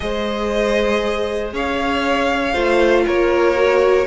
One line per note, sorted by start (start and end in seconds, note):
0.00 1.53 G#3
0.00 2.54 G#4
0.00 1.54 C5
0.00 1.51 D#5
1.53 2.54 C#4
1.53 2.53 C#5
1.53 3.07 F5
2.53 3.05 A3
2.53 3.55 F4
2.53 3.04 C5
3.06 4.06 A#3
3.06 4.06 A#4
3.06 4.06 C#5
3.55 4.06 F#4